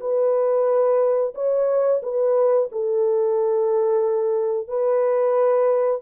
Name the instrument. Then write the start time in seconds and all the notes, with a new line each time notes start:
horn
0.00 B4
1.35 C#5
2.02 B4
2.72 A4
4.68 B4